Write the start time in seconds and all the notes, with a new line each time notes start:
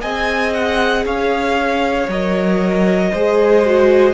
0.00 C4 G#4 D#5 G#5
0.53 F#5
1.05 C#4 C#5 F5
2.08 F#3 A#4 D#5
3.11 G#3 G#4 C5
3.65 F#4